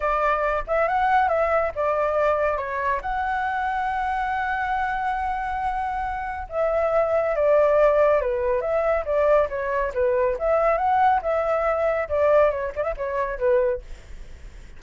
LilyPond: \new Staff \with { instrumentName = "flute" } { \time 4/4 \tempo 4 = 139 d''4. e''8 fis''4 e''4 | d''2 cis''4 fis''4~ | fis''1~ | fis''2. e''4~ |
e''4 d''2 b'4 | e''4 d''4 cis''4 b'4 | e''4 fis''4 e''2 | d''4 cis''8 d''16 e''16 cis''4 b'4 | }